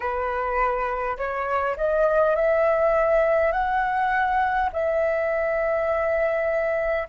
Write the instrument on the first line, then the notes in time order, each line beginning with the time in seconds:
flute
0.00 B4
1.17 C#5
1.76 D#5
2.35 E5
3.51 F#5
4.72 E5